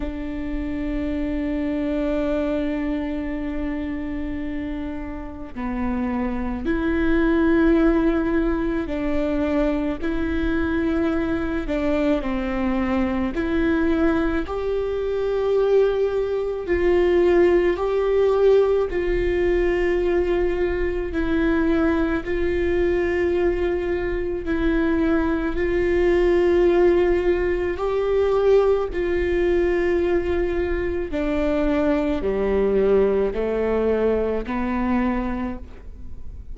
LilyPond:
\new Staff \with { instrumentName = "viola" } { \time 4/4 \tempo 4 = 54 d'1~ | d'4 b4 e'2 | d'4 e'4. d'8 c'4 | e'4 g'2 f'4 |
g'4 f'2 e'4 | f'2 e'4 f'4~ | f'4 g'4 f'2 | d'4 g4 a4 b4 | }